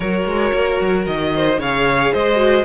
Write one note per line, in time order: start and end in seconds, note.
0.00 0.25 F#3
0.00 1.60 F#4
0.00 1.31 A#4
0.00 1.05 C#5
0.25 0.52 G#3
0.53 0.80 A#3
0.80 1.07 F#3
1.06 1.58 D#3
1.06 1.59 D#5
1.35 1.60 C5
1.58 2.11 C#3
1.58 2.35 G#4
1.58 2.12 C#5
1.58 2.13 F5
2.12 2.64 G#3
2.12 2.64 C5
2.12 2.64 D#5
2.35 2.62 F#4